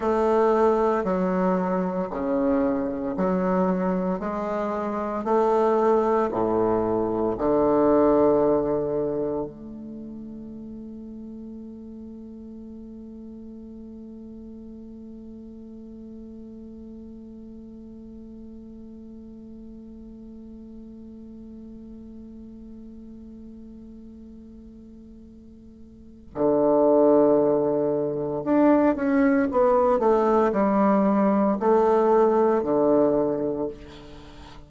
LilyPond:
\new Staff \with { instrumentName = "bassoon" } { \time 4/4 \tempo 4 = 57 a4 fis4 cis4 fis4 | gis4 a4 a,4 d4~ | d4 a2.~ | a1~ |
a1~ | a1~ | a4 d2 d'8 cis'8 | b8 a8 g4 a4 d4 | }